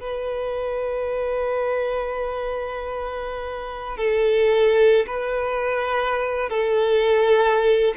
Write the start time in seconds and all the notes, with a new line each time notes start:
0.00 B4
3.97 A4
5.06 B4
6.49 A4